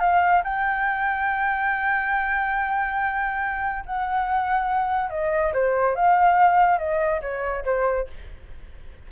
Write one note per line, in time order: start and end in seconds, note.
0.00 0.43 F5
0.44 3.85 G5
3.86 5.10 F#5
5.10 5.53 D#5
5.54 5.96 C5
5.96 6.79 F5
6.79 7.21 D#5
7.22 7.64 C#5
7.65 8.08 C5